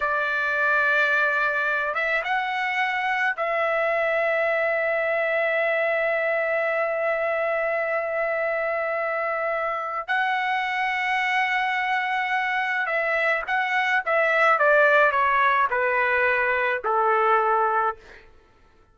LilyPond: \new Staff \with { instrumentName = "trumpet" } { \time 4/4 \tempo 4 = 107 d''2.~ d''8 e''8 | fis''2 e''2~ | e''1~ | e''1~ |
e''2 fis''2~ | fis''2. e''4 | fis''4 e''4 d''4 cis''4 | b'2 a'2 | }